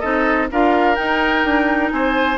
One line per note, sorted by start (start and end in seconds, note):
0.00 0.50 C4
0.00 0.49 D#4
0.00 0.47 A4
0.00 0.47 D#5
0.51 0.98 D4
0.51 0.96 F4
0.51 1.93 A#4
0.51 0.95 F5
0.95 2.38 D#4
0.95 1.44 D#4
0.95 1.90 G5
1.44 1.91 D4
1.91 2.38 C4
1.91 2.38 C5
1.91 2.38 G#5